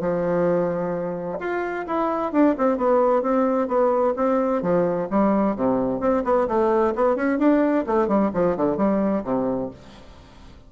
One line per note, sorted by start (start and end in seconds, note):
0.00 1.38 F3
1.39 1.85 F4
1.86 2.32 E4
2.32 2.55 D4
2.58 2.77 C4
2.77 3.22 B3
3.22 3.68 C4
3.68 4.14 B3
4.16 4.62 C4
4.62 5.08 F3
5.10 5.55 G3
5.55 6.00 C3
6.00 6.23 C4
6.24 6.47 B3
6.47 6.94 A3
6.95 7.16 B3
7.16 7.38 C#4
7.38 7.85 D4
7.86 8.07 A3
8.07 8.30 G3
8.33 8.56 F3
8.56 8.77 D3
8.77 9.23 G3
9.24 9.70 C3